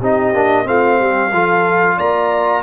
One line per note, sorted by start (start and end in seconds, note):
0.00 0.34 C4
0.00 0.34 D#4
0.00 0.66 G4
0.00 0.67 D#5
0.34 0.67 A#3
0.34 0.65 D4
0.65 1.01 A3
0.65 1.31 C4
0.65 0.99 F4
0.65 1.99 F5
0.99 1.32 G3
0.99 1.32 G4
1.32 1.98 F3
1.32 2.63 F4
1.32 1.97 A4
1.97 2.63 A#3
1.97 2.63 D5
1.97 2.63 A#5